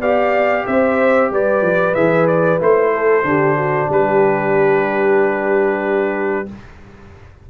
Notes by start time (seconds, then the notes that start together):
0.00 B3 G4 D5 F5
0.67 C4 C5 E5
1.31 G3 B4 D5
1.62 F3
1.95 E3 G#4 E5
2.27 D5
2.59 A3 E4 C5
2.94 A4
3.24 D3 D4 G4
3.57 F#4
3.89 G3 G4 B4